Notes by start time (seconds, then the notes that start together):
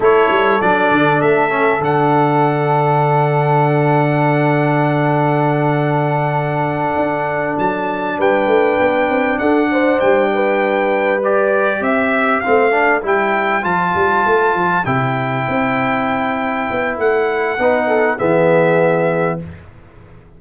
0.00 A3 E4 A4 C#5
0.30 G3
0.61 F#3 D4 D5
0.91 D3
1.21 A3 E5
1.49 C#4
1.79 D3 D4 F#5
6.96 D4
7.58 F#3 A5
8.18 G3 B4 G5
8.46 A3
8.79 B3
9.09 C4
9.39 D4 A4 F#5
9.71 C5
9.99 G3 G5
10.33 B4
11.23 G4 D5
11.79 C4 C5 E5
12.40 C4 F5
12.46 A3
12.71 D4
13.02 G3 E4 G5
13.62 F3 F4 A5
13.94 G3
14.25 A3
14.54 F3
14.85 C3 E4 G5
15.48 C4
16.70 B3
16.97 A3 F#5
17.58 B3 D#4 B4
17.87 A4
18.17 E3 B3 G#4 E5